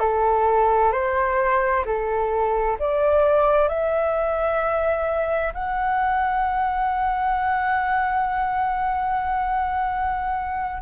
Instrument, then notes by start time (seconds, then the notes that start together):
flute
0.00 A4
0.92 C5
1.85 A4
2.79 D5
3.68 E5
5.54 F#5